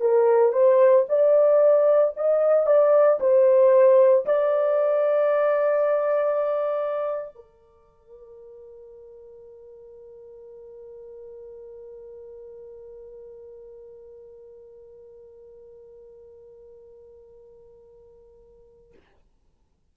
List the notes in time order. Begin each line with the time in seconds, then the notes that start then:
0.00 A#4
0.52 C5
1.09 D5
2.16 D#5
2.66 D5
3.20 C5
4.25 D5
7.35 A#4